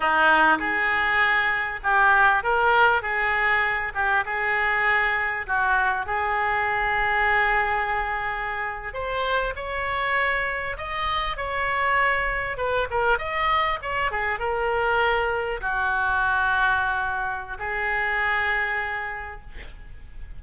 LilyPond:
\new Staff \with { instrumentName = "oboe" } { \time 4/4 \tempo 4 = 99 dis'4 gis'2 g'4 | ais'4 gis'4. g'8 gis'4~ | gis'4 fis'4 gis'2~ | gis'2~ gis'8. c''4 cis''16~ |
cis''4.~ cis''16 dis''4 cis''4~ cis''16~ | cis''8. b'8 ais'8 dis''4 cis''8 gis'8 ais'16~ | ais'4.~ ais'16 fis'2~ fis'16~ | fis'4 gis'2. | }